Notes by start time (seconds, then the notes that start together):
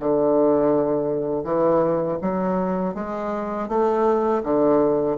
0.00 D3
1.44 E3
2.22 F#3
2.95 G#3
3.69 A3
4.43 D3